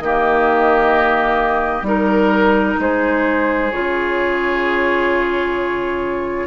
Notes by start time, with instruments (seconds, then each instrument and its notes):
0.00 bassoon D#3, clarinet A#3, oboe G4, flute D#5
1.82 bassoon G3, clarinet D#4, oboe A#4, flute A#4
2.80 bassoon G#3, oboe G#4, flute C5
3.71 bassoon C#3, clarinet F4, flute C#5